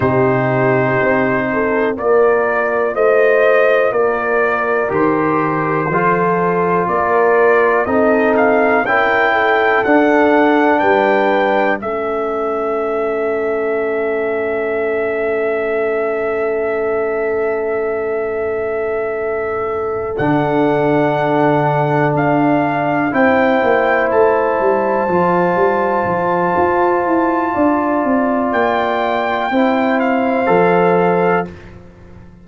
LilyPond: <<
  \new Staff \with { instrumentName = "trumpet" } { \time 4/4 \tempo 4 = 61 c''2 d''4 dis''4 | d''4 c''2 d''4 | dis''8 f''8 g''4 fis''4 g''4 | e''1~ |
e''1~ | e''8 fis''2 f''4 g''8~ | g''8 a''2.~ a''8~ | a''4 g''4. f''4. | }
  \new Staff \with { instrumentName = "horn" } { \time 4/4 g'4. a'8 ais'4 c''4 | ais'2 a'4 ais'4 | a'4 ais'8 a'4. b'4 | a'1~ |
a'1~ | a'2.~ a'8 c''8~ | c''1 | d''2 c''2 | }
  \new Staff \with { instrumentName = "trombone" } { \time 4/4 dis'2 f'2~ | f'4 g'4 f'2 | dis'4 e'4 d'2 | cis'1~ |
cis'1~ | cis'8 d'2. e'8~ | e'4. f'2~ f'8~ | f'2 e'4 a'4 | }
  \new Staff \with { instrumentName = "tuba" } { \time 4/4 c4 c'4 ais4 a4 | ais4 dis4 f4 ais4 | c'4 cis'4 d'4 g4 | a1~ |
a1~ | a8 d2 d'4 c'8 | ais8 a8 g8 f8 g8 f8 f'8 e'8 | d'8 c'8 ais4 c'4 f4 | }
>>